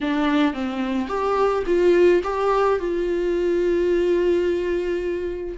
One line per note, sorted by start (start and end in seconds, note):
0.01 0.53 D4
0.53 1.08 C4
1.08 1.63 G4
1.66 2.21 F4
2.23 2.79 G4
2.79 5.57 F4